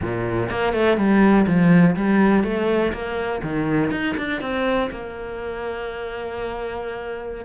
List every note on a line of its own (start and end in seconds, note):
0.01 0.50 A#2
0.50 0.73 A#3
0.73 0.97 A3
0.97 1.45 G3
1.46 1.95 F3
1.96 2.43 G3
2.43 2.92 A3
2.92 3.41 A#3
3.43 3.91 D#3
3.91 4.15 D#4
4.17 4.41 D4
4.41 4.90 C4
4.90 7.45 A#3